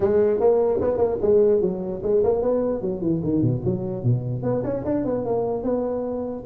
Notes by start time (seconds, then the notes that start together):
0.00 G#3
0.40 A#3
0.80 B3
0.97 A#3
1.21 G#3
1.61 F#3
2.02 G#3
2.23 A#3
2.42 B3
2.81 F#3
3.01 E3
3.23 D#3
3.42 B2
3.64 F#3
4.03 B2
4.42 B3
4.64 C#4
4.84 D4
5.04 B3
5.25 A#3
5.63 B3